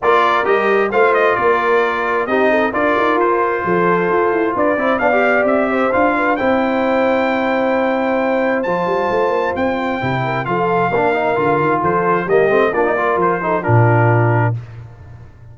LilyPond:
<<
  \new Staff \with { instrumentName = "trumpet" } { \time 4/4 \tempo 4 = 132 d''4 dis''4 f''8 dis''8 d''4~ | d''4 dis''4 d''4 c''4~ | c''2 d''4 f''4 | e''4 f''4 g''2~ |
g''2. a''4~ | a''4 g''2 f''4~ | f''2 c''4 dis''4 | d''4 c''4 ais'2 | }
  \new Staff \with { instrumentName = "horn" } { \time 4/4 ais'2 c''4 ais'4~ | ais'4 g'8 a'8 ais'2 | a'2 b'8 c''8 d''4~ | d''8 c''4 b'8 c''2~ |
c''1~ | c''2~ c''8 ais'8 a'4 | ais'2 a'4 g'4 | f'8 ais'4 a'8 f'2 | }
  \new Staff \with { instrumentName = "trombone" } { \time 4/4 f'4 g'4 f'2~ | f'4 dis'4 f'2~ | f'2~ f'8 e'8 d'16 g'8.~ | g'4 f'4 e'2~ |
e'2. f'4~ | f'2 e'4 f'4 | d'8 dis'8 f'2 ais8 c'8 | d'16 dis'16 f'4 dis'8 d'2 | }
  \new Staff \with { instrumentName = "tuba" } { \time 4/4 ais4 g4 a4 ais4~ | ais4 c'4 d'8 dis'8 f'4 | f4 f'8 e'8 d'8 c'8 b4 | c'4 d'4 c'2~ |
c'2. f8 g8 | a8 ais8 c'4 c4 f4 | ais4 d8 dis8 f4 g8 a8 | ais4 f4 ais,2 | }
>>